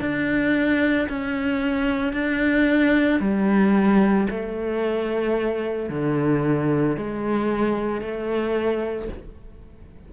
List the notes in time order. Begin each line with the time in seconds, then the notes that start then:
0.00 D4
1.09 C#4
2.12 D4
3.20 G3
4.30 A3
5.89 D3
6.96 G#3
8.01 A3